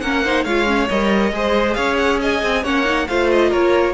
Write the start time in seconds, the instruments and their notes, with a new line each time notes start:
0.00 cello A#3, viola C#4, violin A#4 F#5
0.23 viola D#4, violin C5
0.44 cello G#3, viola F4, violin C#5 F5
0.66 viola C#4
0.89 cello G3, viola A#4, violin D#5
1.32 cello G#3, viola G#4, violin C5
1.74 cello C#4, violin C#5 F5
1.96 violin F#5
2.20 violin D#5 G#5
2.42 cello C4
2.62 cello A#3, viola C#4, violin C#5 F#5
2.84 viola D#4
3.07 cello A3, viola F4, violin C5 F5
3.31 violin D#5
3.49 cello A#3, violin A#4 C#5